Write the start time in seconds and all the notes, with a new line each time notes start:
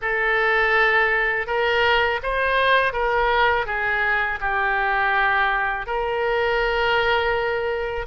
0.01 A4
1.46 A#4
2.22 C5
2.92 A#4
3.66 G#4
4.40 G4
5.86 A#4